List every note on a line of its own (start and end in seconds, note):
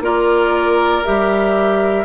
0.00 1.02 A#3
0.00 1.04 F4
0.00 2.05 A#4
0.00 1.04 D5
1.04 2.05 G3
1.04 2.05 G4
1.04 2.05 E5